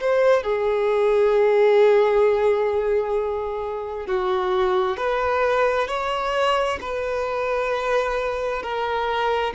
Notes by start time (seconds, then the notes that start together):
0.00 C5
0.43 G#4
4.06 F#4
4.97 B4
5.88 C#5
6.81 B4
8.62 A#4